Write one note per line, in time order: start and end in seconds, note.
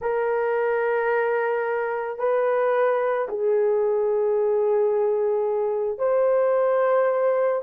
0.01 2.18 A#4
2.18 3.27 B4
3.28 5.98 G#4
5.98 7.61 C5